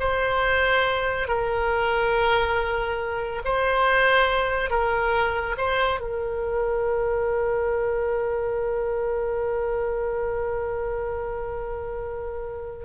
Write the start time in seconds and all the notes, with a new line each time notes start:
0.00 C5
1.28 A#4
3.45 C5
4.71 A#4
5.58 C5
6.00 A#4